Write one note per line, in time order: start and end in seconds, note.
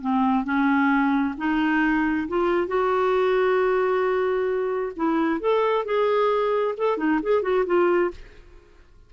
0.00 0.44 C4
0.44 1.34 C#4
1.37 2.27 D#4
2.28 2.67 F4
2.67 4.92 F#4
4.96 5.40 E4
5.40 5.85 A4
5.85 6.75 G#4
6.77 6.97 A4
6.97 7.19 D#4
7.22 7.42 G#4
7.42 7.64 F#4
7.65 8.11 F4